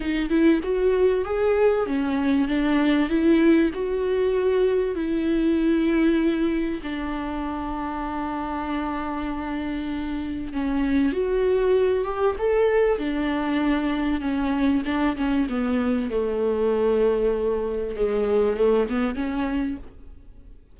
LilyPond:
\new Staff \with { instrumentName = "viola" } { \time 4/4 \tempo 4 = 97 dis'8 e'8 fis'4 gis'4 cis'4 | d'4 e'4 fis'2 | e'2. d'4~ | d'1~ |
d'4 cis'4 fis'4. g'8 | a'4 d'2 cis'4 | d'8 cis'8 b4 a2~ | a4 gis4 a8 b8 cis'4 | }